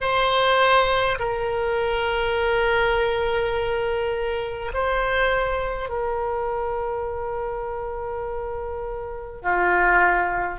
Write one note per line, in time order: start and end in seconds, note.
0.00 1.18 C5
1.19 4.72 A#4
4.73 5.89 C5
5.89 9.42 A#4
9.42 10.59 F4